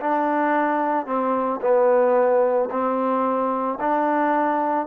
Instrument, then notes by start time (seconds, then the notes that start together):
trombone
0.00 D4
1.06 C4
1.61 B3
2.70 C4
3.80 D4